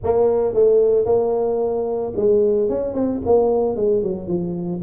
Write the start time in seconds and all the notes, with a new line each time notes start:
0.03 A#3
0.54 A3
1.05 A#3
2.16 G#3
2.69 C#4
2.93 C4
3.25 A#3
3.76 G#3
4.02 F#3
4.27 F3